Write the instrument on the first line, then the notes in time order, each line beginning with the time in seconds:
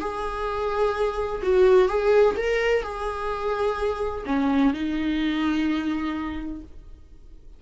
viola
0.00 G#4
1.43 F#4
1.88 G#4
2.36 A#4
2.82 G#4
4.26 C#4
4.73 D#4